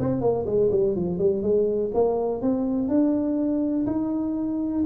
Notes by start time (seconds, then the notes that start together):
0.00 C4
0.21 A#3
0.46 G#3
0.71 G3
0.96 F3
1.19 G3
1.43 G#3
1.94 A#3
2.42 C4
2.88 D4
3.87 D#4